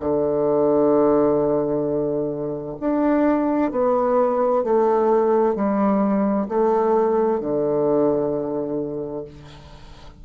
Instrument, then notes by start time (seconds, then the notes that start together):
bassoon
0.00 D3
2.80 D4
3.71 B3
4.64 A3
5.55 G3
6.49 A3
7.40 D3